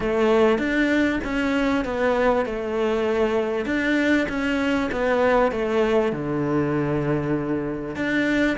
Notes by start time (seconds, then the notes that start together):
0.00 A3
0.58 D4
1.24 C#4
1.85 B3
2.45 A3
3.65 D4
4.29 C#4
4.91 B3
5.51 A3
6.12 D3
7.95 D4